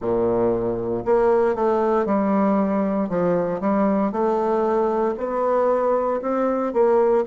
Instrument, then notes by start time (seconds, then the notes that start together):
bassoon
0.00 A#2
1.05 A#3
1.55 A3
2.05 G3
3.09 F3
3.60 G3
4.11 A3
5.17 B3
6.21 C4
6.72 A#3